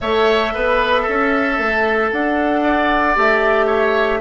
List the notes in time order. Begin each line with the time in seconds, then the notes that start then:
0.00 A3 A4 C#5 E5
0.54 B3 B4
1.02 A4
1.08 C#4
1.58 A3
2.11 D4 F#5
2.64 D5
3.15 A3 G4 E5
3.66 C#5